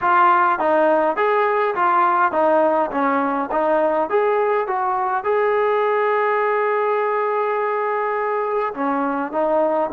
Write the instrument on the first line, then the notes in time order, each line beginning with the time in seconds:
trombone
0.01 F4
0.59 D#4
1.16 G#4
1.75 F4
2.32 D#4
2.91 C#4
3.51 D#4
4.09 G#4
4.67 F#4
5.24 G#4
8.74 C#4
9.32 D#4